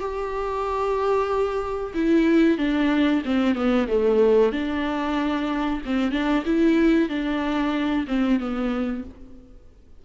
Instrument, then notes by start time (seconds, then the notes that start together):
viola
0.00 G4
1.94 E4
2.58 D4
3.25 C4
3.55 B3
3.88 A3
4.52 D4
5.85 C4
6.12 D4
6.46 E4
7.09 D4
8.08 C4
8.40 B3